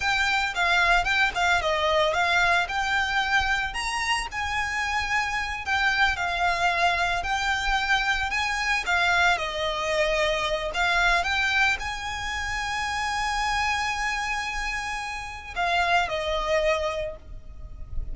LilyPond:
\new Staff \with { instrumentName = "violin" } { \time 4/4 \tempo 4 = 112 g''4 f''4 g''8 f''8 dis''4 | f''4 g''2 ais''4 | gis''2~ gis''8 g''4 f''8~ | f''4. g''2 gis''8~ |
gis''8 f''4 dis''2~ dis''8 | f''4 g''4 gis''2~ | gis''1~ | gis''4 f''4 dis''2 | }